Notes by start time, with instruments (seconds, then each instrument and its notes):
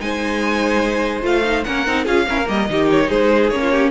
0.00 cello G#3, viola D#4, violin C5 G#5
1.22 cello A3, viola F4, violin F5
1.45 viola D#4
1.64 cello A#3, viola C#4, violin A#4 F#5
1.87 cello C4, viola D#4
2.05 cello C#4, viola F4, violin G#4 F5
2.28 viola C#4, cello E4, violin A#4
2.38 cello A#3
2.46 cello G3, viola A#3, violin D#5
2.70 cello D#3, viola D#4, violin G4
2.91 violin C#5
3.09 cello G#3, violin G#4 C5
3.50 cello A#3, viola C#4, violin C#5
3.62 violin F4
3.72 violin G4